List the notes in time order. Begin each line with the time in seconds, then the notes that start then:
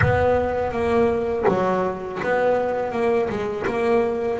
0.01 B3
0.71 A#3
1.47 F#3
2.22 B3
2.92 A#3
3.29 G#3
3.67 A#3